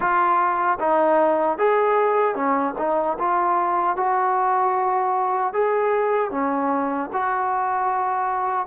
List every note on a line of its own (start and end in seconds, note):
0.00 0.78 F4
0.79 1.58 D#4
1.58 2.35 G#4
2.35 2.74 C#4
2.78 3.17 D#4
3.18 3.96 F4
3.96 5.53 F#4
5.53 6.31 G#4
6.31 7.09 C#4
7.12 8.66 F#4